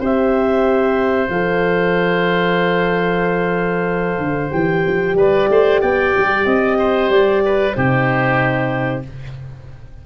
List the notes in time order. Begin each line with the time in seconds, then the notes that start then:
0.00 C4 G4 C5 E5
1.29 F3 A4 F5
4.18 D3
4.50 E3 G4 G5
4.87 F3
5.15 G3 B4 D5
5.50 A3 C5
5.82 B3 D5 G5
6.18 G3
6.46 C4 D#5
6.79 C5
7.10 G3 D5
7.45 B4
7.74 C3 D#4 G4 C5